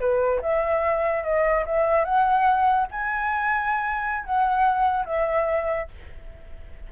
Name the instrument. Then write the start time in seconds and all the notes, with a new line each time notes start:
flute
0.00 B4
0.42 E5
1.23 D#5
1.66 E5
2.05 F#5
2.91 G#5
4.25 F#5
5.05 E5